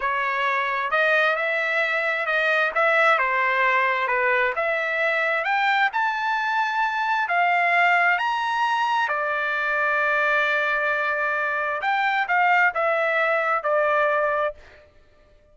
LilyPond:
\new Staff \with { instrumentName = "trumpet" } { \time 4/4 \tempo 4 = 132 cis''2 dis''4 e''4~ | e''4 dis''4 e''4 c''4~ | c''4 b'4 e''2 | g''4 a''2. |
f''2 ais''2 | d''1~ | d''2 g''4 f''4 | e''2 d''2 | }